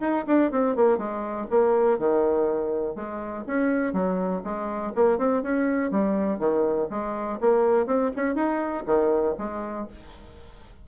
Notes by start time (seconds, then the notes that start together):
0.00 D#4
0.27 D4
0.51 C4
0.75 A#3
0.98 G#3
1.50 A#3
1.98 D#3
2.95 G#3
3.47 C#4
3.93 F#3
4.44 G#3
4.95 A#3
5.18 C4
5.42 C#4
5.91 G3
6.39 D#3
6.90 G#3
7.40 A#3
7.86 C4
8.16 C#4
8.35 D#4
8.86 D#3
9.38 G#3